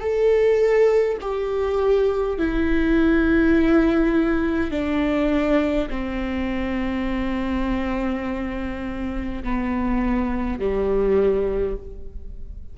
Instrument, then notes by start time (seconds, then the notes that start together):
viola
0.00 A4
1.21 G4
2.39 E4
4.71 D4
5.90 C4
9.43 B3
10.59 G3